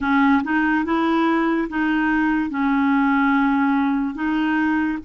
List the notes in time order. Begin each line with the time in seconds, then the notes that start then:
0.00 C#4
0.43 D#4
0.84 E4
1.69 D#4
2.50 C#4
4.14 D#4